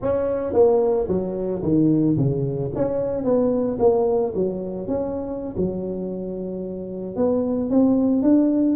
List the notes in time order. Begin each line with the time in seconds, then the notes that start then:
0.01 C#4
0.53 A#3
1.08 F#3
1.62 D#3
2.17 C#3
2.75 C#4
3.24 B3
3.79 A#3
4.34 F#3
4.87 C#4
5.56 F#3
7.16 B3
7.70 C4
8.22 D4